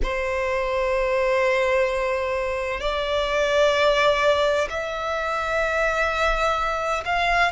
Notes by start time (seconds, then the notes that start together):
0.03 C5
2.80 D5
4.69 E5
7.05 F5